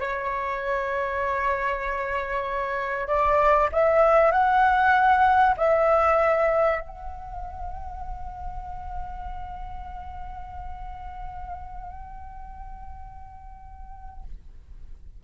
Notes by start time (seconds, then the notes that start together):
0.00 C#5
3.07 D5
3.72 E5
4.32 F#5
5.57 E5
6.80 F#5